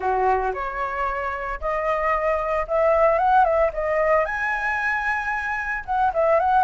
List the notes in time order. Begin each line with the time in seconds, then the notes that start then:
0.00 F#4
0.53 C#5
1.60 D#5
2.67 E5
3.18 F#5
3.44 E5
3.73 D#5
4.25 G#5
5.85 F#5
6.13 E5
6.39 F#5